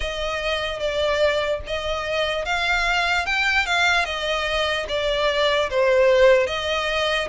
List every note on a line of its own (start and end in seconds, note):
0.00 0.79 D#5
0.79 1.60 D5
1.66 2.45 D#5
2.45 3.25 F5
3.25 3.66 G5
3.66 4.05 F5
4.05 4.86 D#5
4.88 5.69 D5
5.70 6.46 C5
6.46 7.28 D#5